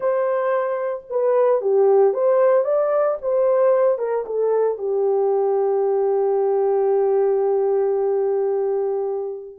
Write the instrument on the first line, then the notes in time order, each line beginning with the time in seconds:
horn
0.00 C5
1.09 B4
1.61 G4
2.13 C5
2.64 D5
3.21 C5
3.98 A#4
4.26 A4
4.78 G4